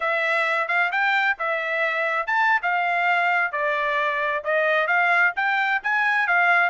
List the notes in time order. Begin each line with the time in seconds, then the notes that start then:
0.00 E5
0.68 F5
0.91 G5
1.38 E5
2.26 A5
2.62 F5
3.51 D5
4.44 D#5
4.87 F5
5.36 G5
5.83 G#5
6.27 F5